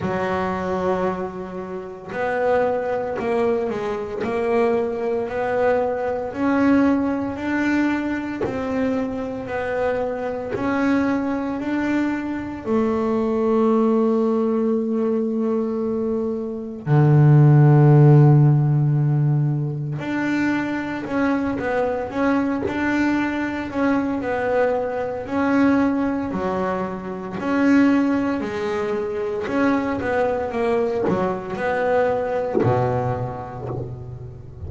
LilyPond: \new Staff \with { instrumentName = "double bass" } { \time 4/4 \tempo 4 = 57 fis2 b4 ais8 gis8 | ais4 b4 cis'4 d'4 | c'4 b4 cis'4 d'4 | a1 |
d2. d'4 | cis'8 b8 cis'8 d'4 cis'8 b4 | cis'4 fis4 cis'4 gis4 | cis'8 b8 ais8 fis8 b4 b,4 | }